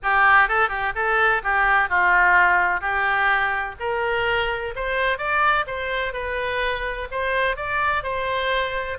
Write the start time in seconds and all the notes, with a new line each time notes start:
0.02 G4
0.48 A4
0.69 G4
0.95 A4
1.43 G4
1.89 F4
2.80 G4
3.79 A#4
4.75 C5
5.18 D5
5.66 C5
6.13 B4
7.11 C5
7.56 D5
8.03 C5